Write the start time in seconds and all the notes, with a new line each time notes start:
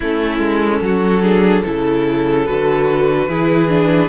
0.00 A3 C#4 E4 A4
0.39 G#3
0.81 F#3 F#4
1.22 D4 G#4
1.65 C#3 E4 A4
2.45 D3 F#4 B4
3.28 E3 E4 G#4
3.68 D4